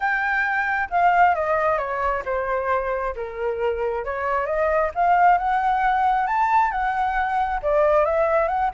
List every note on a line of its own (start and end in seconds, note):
0.00 0.89 G5
0.90 1.34 F5
1.34 1.77 D#5
1.77 2.22 C#5
2.25 3.14 C5
3.15 4.04 A#4
4.04 4.46 C#5
4.46 4.90 D#5
4.94 5.38 F5
5.38 6.26 F#5
6.26 6.71 A5
6.71 7.60 F#5
7.62 8.05 D5
8.05 8.48 E5
8.48 8.70 F#5